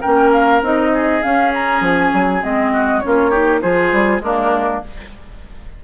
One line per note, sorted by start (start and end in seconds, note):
0.00 0.61 A#3
0.00 0.62 C#4
0.00 0.90 A#4
0.00 0.31 G5
0.32 0.62 F5
0.61 1.22 C4
0.61 1.22 D#4
0.61 1.22 D#5
0.94 2.72 G#4
1.22 2.42 C#4
1.22 1.80 C#4
1.22 1.52 F5
1.54 1.84 A#5
1.80 2.10 F3
1.80 2.43 G#5
2.13 2.43 F#3
2.42 3.03 G#3
2.42 3.02 C4
2.42 3.00 D#5
2.72 3.02 F#4
3.00 3.63 A#3
3.00 3.31 C#4
3.00 3.60 C#5
3.06 3.30 F4
3.30 3.61 D#4
3.30 3.60 G4
3.61 3.92 F3
3.61 4.21 F4
3.61 4.22 G#4
3.61 4.21 C5
3.92 4.19 G3
4.19 4.79 G#3
4.19 4.83 A#3
4.19 4.83 D4
4.19 4.83 A#4